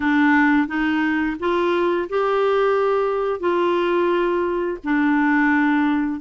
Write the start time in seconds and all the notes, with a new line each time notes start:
0.00 D4
0.67 D#4
1.39 F4
2.09 G4
3.40 F4
4.83 D4